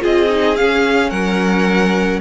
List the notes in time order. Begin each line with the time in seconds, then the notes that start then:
0.00 C4 F4 G#4 D#5
0.29 D#4
0.56 C#4 F5
1.10 F#3 A#4 F#5